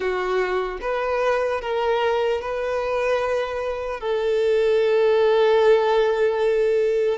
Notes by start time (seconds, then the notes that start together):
0.00 F#4
0.81 B4
1.61 A#4
2.41 B4
4.00 A4